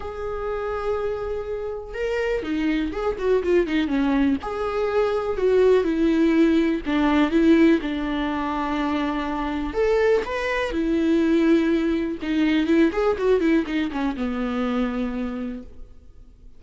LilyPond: \new Staff \with { instrumentName = "viola" } { \time 4/4 \tempo 4 = 123 gis'1 | ais'4 dis'4 gis'8 fis'8 f'8 dis'8 | cis'4 gis'2 fis'4 | e'2 d'4 e'4 |
d'1 | a'4 b'4 e'2~ | e'4 dis'4 e'8 gis'8 fis'8 e'8 | dis'8 cis'8 b2. | }